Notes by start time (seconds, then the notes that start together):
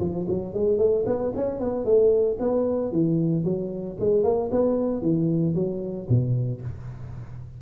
0.00 F3
0.28 F#3
0.54 G#3
0.78 A3
1.06 B3
1.36 C#4
1.60 B3
1.85 A3
2.39 B3
2.92 E3
3.44 F#3
4.00 G#3
4.23 A#3
4.51 B3
5.02 E3
5.55 F#3
6.09 B2